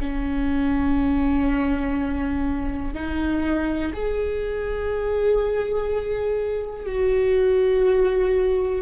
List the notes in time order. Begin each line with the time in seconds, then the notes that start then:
0.00 C#4
2.94 D#4
3.94 G#4
6.86 F#4